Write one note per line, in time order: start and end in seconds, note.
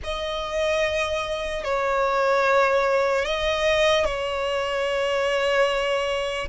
0.03 1.64 D#5
1.64 3.25 C#5
3.25 4.05 D#5
4.05 6.48 C#5